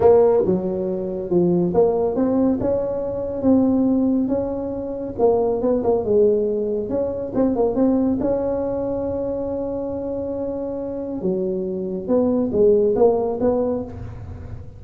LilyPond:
\new Staff \with { instrumentName = "tuba" } { \time 4/4 \tempo 4 = 139 ais4 fis2 f4 | ais4 c'4 cis'2 | c'2 cis'2 | ais4 b8 ais8 gis2 |
cis'4 c'8 ais8 c'4 cis'4~ | cis'1~ | cis'2 fis2 | b4 gis4 ais4 b4 | }